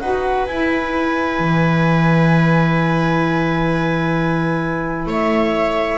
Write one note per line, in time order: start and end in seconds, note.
0.00 0.47 D#4
0.00 0.48 F#4
0.00 5.09 B4
0.00 0.46 F#5
0.47 1.40 E4
0.47 5.99 E4
0.47 5.08 G#5
1.40 5.07 E3
5.07 5.99 A3
5.07 5.99 C#5
5.07 5.99 E5